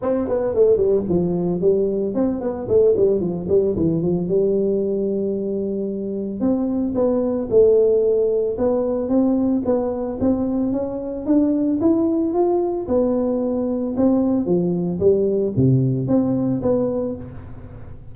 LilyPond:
\new Staff \with { instrumentName = "tuba" } { \time 4/4 \tempo 4 = 112 c'8 b8 a8 g8 f4 g4 | c'8 b8 a8 g8 f8 g8 e8 f8 | g1 | c'4 b4 a2 |
b4 c'4 b4 c'4 | cis'4 d'4 e'4 f'4 | b2 c'4 f4 | g4 c4 c'4 b4 | }